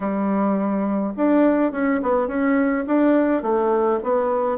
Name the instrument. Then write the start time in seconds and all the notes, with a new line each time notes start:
bassoon
0.00 G3
1.16 D4
1.72 C#4
2.02 B3
2.27 C#4
2.86 D4
3.42 A3
4.03 B3